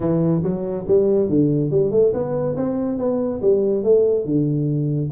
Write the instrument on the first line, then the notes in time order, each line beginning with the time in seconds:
tuba
0.00 E3
0.43 F#3
0.87 G3
1.29 D3
1.70 G3
1.91 A3
2.13 B3
2.56 C4
2.98 B3
3.41 G3
3.83 A3
4.25 D3